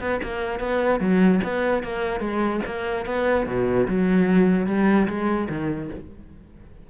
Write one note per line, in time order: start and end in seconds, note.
0.00 0.20 B3
0.23 0.60 A#3
0.60 1.00 B3
1.00 1.40 F#3
1.43 1.83 B3
1.83 2.20 A#3
2.20 2.61 G#3
2.65 3.06 A#3
3.06 3.46 B3
3.46 3.87 B2
3.88 4.67 F#3
4.67 5.07 G3
5.08 5.48 G#3
5.49 5.90 D#3